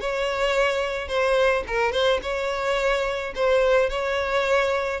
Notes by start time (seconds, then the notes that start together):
0.00 C#5
1.08 C5
1.67 A#4
1.92 C5
2.22 C#5
3.35 C5
3.89 C#5